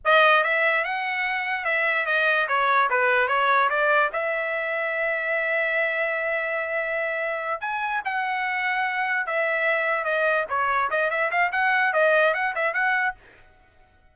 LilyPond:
\new Staff \with { instrumentName = "trumpet" } { \time 4/4 \tempo 4 = 146 dis''4 e''4 fis''2 | e''4 dis''4 cis''4 b'4 | cis''4 d''4 e''2~ | e''1~ |
e''2~ e''8 gis''4 fis''8~ | fis''2~ fis''8 e''4.~ | e''8 dis''4 cis''4 dis''8 e''8 f''8 | fis''4 dis''4 fis''8 e''8 fis''4 | }